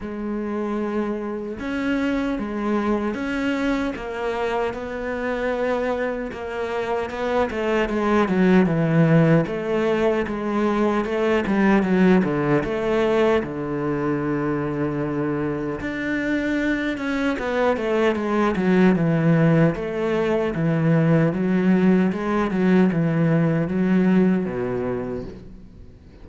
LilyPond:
\new Staff \with { instrumentName = "cello" } { \time 4/4 \tempo 4 = 76 gis2 cis'4 gis4 | cis'4 ais4 b2 | ais4 b8 a8 gis8 fis8 e4 | a4 gis4 a8 g8 fis8 d8 |
a4 d2. | d'4. cis'8 b8 a8 gis8 fis8 | e4 a4 e4 fis4 | gis8 fis8 e4 fis4 b,4 | }